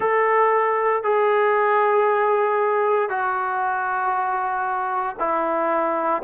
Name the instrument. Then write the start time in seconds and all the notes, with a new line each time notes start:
trombone
0.00 A4
1.03 G#4
3.09 F#4
5.19 E4